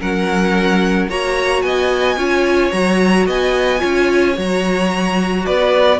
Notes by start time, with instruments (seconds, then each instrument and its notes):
0.00 cello F#3, viola C#4, violin A#4 F#5
1.08 cello A#3, viola F#4, violin C#5 A#5
1.62 cello B3, violin D#5 G#5
2.17 cello C#4, viola F4, violin C#5
2.71 cello F#3, viola F#4, violin A#5
3.26 cello B3, violin D#5 G#5
3.79 cello C#4, viola F4, violin C#5
4.35 cello F#3, viola F#4, violin A#5
5.45 cello B3, violin B4 D5